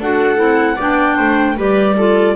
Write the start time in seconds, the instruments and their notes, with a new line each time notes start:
0.00 double bass D4, clarinet F#4 F#5, viola A4
0.36 double bass C4, clarinet E4
0.76 double bass B3, clarinet D4 G5, viola D5
1.16 double bass A3, viola C5
1.57 double bass G3, clarinet G4 D5, viola B4
1.97 clarinet F4, viola A4